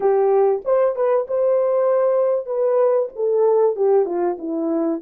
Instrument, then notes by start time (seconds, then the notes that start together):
horn
0.00 G4
0.64 C5
0.95 B4
1.27 C5
2.46 B4
3.15 A4
3.76 G4
4.05 F4
4.38 E4